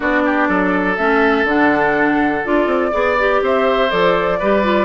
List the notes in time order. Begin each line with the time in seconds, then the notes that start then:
0.00 B3 D4 F#4 D5
0.25 G4
0.48 F#3 A4
0.96 A3 C#4 E5
1.44 D3 D4 F#5
2.44 D4 F4 D5
2.66 C4
2.91 B3 G#4 D5
3.18 G4
3.41 C4 C5 E5
3.89 F3 A4 D5
4.39 G3 G4 B4
4.63 F4